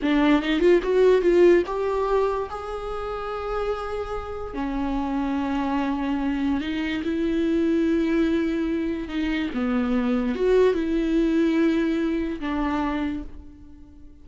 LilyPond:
\new Staff \with { instrumentName = "viola" } { \time 4/4 \tempo 4 = 145 d'4 dis'8 f'8 fis'4 f'4 | g'2 gis'2~ | gis'2. cis'4~ | cis'1 |
dis'4 e'2.~ | e'2 dis'4 b4~ | b4 fis'4 e'2~ | e'2 d'2 | }